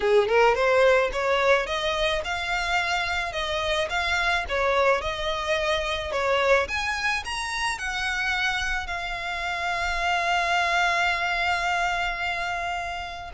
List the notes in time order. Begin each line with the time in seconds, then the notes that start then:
0.00 G#4
0.28 A#4
0.55 C5
1.12 C#5
1.66 D#5
2.24 F5
3.32 D#5
3.89 F5
4.48 C#5
5.01 D#5
6.12 C#5
6.67 G#5
7.24 A#5
7.78 F#5
8.86 F5